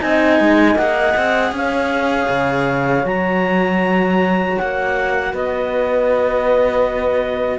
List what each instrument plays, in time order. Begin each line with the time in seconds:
0.00 cello C4 D#4, horn D#5, clarinet G#5
0.40 cello G#3
0.76 cello A#3 G#4, clarinet F#5
1.17 cello C4
1.52 cello C#4, horn C#5, clarinet F5
2.29 cello C#3
3.04 cello F#3 F#4, clarinet A#5
4.58 cello A#3, clarinet F#5
5.32 cello B3, horn B4, clarinet D#5